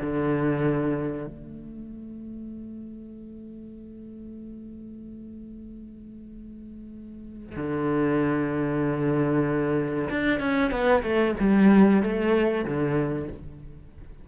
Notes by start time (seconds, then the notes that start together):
0.00 D3
1.26 A3
7.56 D3
10.09 D4
10.40 C#4
10.71 B3
11.03 A3
11.39 G3
12.02 A3
12.65 D3